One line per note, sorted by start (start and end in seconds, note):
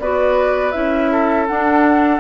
0.00 0.74 B3
0.00 0.73 F#4
0.00 1.12 B4
0.00 0.72 D5
0.72 1.49 C#4
0.72 1.47 E4
0.72 1.46 E5
1.12 2.20 A4
1.47 2.20 D4
1.47 2.20 F#5